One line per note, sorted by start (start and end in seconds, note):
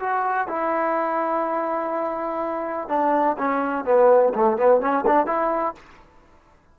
0.00 0.48 F#4
0.48 2.89 E4
2.89 3.37 D4
3.38 3.85 C#4
3.85 4.34 B3
4.35 4.58 A3
4.58 4.81 B3
4.81 5.05 C#4
5.07 5.27 D4
5.27 5.75 E4